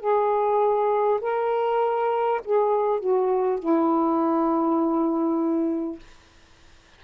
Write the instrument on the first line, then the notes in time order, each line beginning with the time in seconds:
saxophone
0.00 G#4
1.21 A#4
2.45 G#4
3.00 F#4
3.59 E4